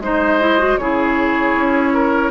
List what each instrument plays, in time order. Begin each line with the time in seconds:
0.00 bassoon G#3, clarinet D#4, oboe C5, flute D#5
0.40 clarinet E4
0.59 clarinet F#4
0.78 bassoon C#3, clarinet E4, oboe G#4, flute C#5
1.55 bassoon C#4
1.94 oboe A#4